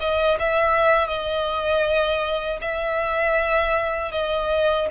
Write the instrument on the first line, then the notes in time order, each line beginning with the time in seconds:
violin
0.00 D#5
0.39 E5
1.08 D#5
2.61 E5
4.12 D#5